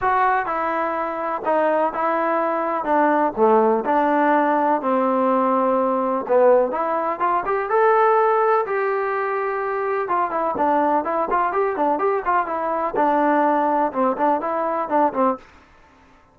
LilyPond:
\new Staff \with { instrumentName = "trombone" } { \time 4/4 \tempo 4 = 125 fis'4 e'2 dis'4 | e'2 d'4 a4 | d'2 c'2~ | c'4 b4 e'4 f'8 g'8 |
a'2 g'2~ | g'4 f'8 e'8 d'4 e'8 f'8 | g'8 d'8 g'8 f'8 e'4 d'4~ | d'4 c'8 d'8 e'4 d'8 c'8 | }